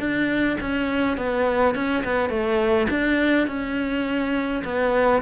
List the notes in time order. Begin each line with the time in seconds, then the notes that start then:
0.00 D4
0.61 C#4
1.17 B3
1.75 C#4
2.05 B3
2.30 A3
2.90 D4
3.48 C#4
4.65 B3